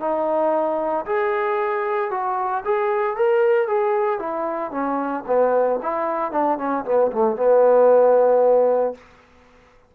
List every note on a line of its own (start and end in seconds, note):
0.00 1.05 D#4
1.06 2.11 G#4
2.11 2.63 F#4
2.65 3.16 G#4
3.16 3.67 A#4
3.67 4.19 G#4
4.19 4.71 E4
4.71 5.24 C#4
5.27 5.79 B3
5.83 6.31 E4
6.31 6.58 D4
6.58 6.84 C#4
6.85 7.11 B3
7.12 7.36 A3
7.36 8.94 B3